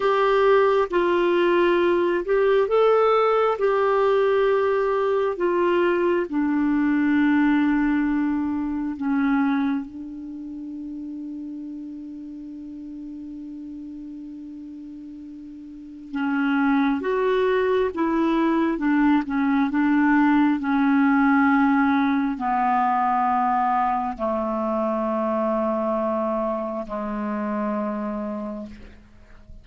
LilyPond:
\new Staff \with { instrumentName = "clarinet" } { \time 4/4 \tempo 4 = 67 g'4 f'4. g'8 a'4 | g'2 f'4 d'4~ | d'2 cis'4 d'4~ | d'1~ |
d'2 cis'4 fis'4 | e'4 d'8 cis'8 d'4 cis'4~ | cis'4 b2 a4~ | a2 gis2 | }